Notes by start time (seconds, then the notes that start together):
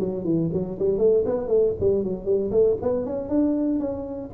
0.00 F#3
0.24 E3
0.53 F#3
0.79 G3
0.98 A3
1.26 B3
1.48 A3
1.80 G3
2.04 F#3
2.25 G3
2.51 A3
2.82 B3
3.05 C#4
3.29 D4
3.80 C#4